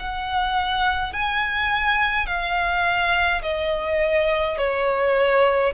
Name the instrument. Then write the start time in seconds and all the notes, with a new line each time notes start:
violin
0.00 F#5
1.13 G#5
2.27 F5
3.43 D#5
4.58 C#5